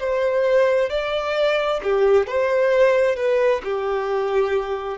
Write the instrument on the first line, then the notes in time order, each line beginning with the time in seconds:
violin
0.00 C5
0.90 D5
1.84 G4
2.27 C5
3.17 B4
3.64 G4